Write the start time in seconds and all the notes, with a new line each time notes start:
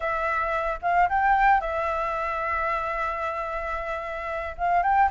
0.00 E5
0.82 F5
1.09 G5
1.60 E5
4.57 F5
4.83 G5